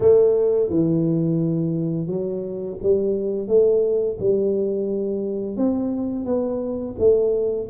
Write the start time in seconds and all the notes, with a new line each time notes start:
0.00 A3
0.69 E3
2.06 F#3
2.82 G3
3.47 A3
4.19 G3
5.56 C4
6.25 B3
6.98 A3